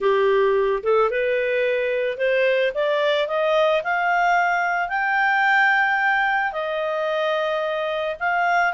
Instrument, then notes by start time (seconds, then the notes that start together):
clarinet
0.00 G4
0.83 A4
1.10 B4
2.17 C5
2.74 D5
3.27 D#5
3.83 F5
4.88 G5
6.52 D#5
8.19 F5